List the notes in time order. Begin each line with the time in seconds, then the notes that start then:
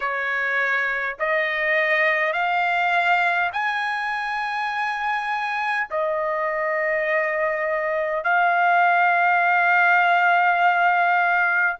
0.00 C#5
1.19 D#5
2.32 F5
3.52 G#5
5.90 D#5
8.24 F5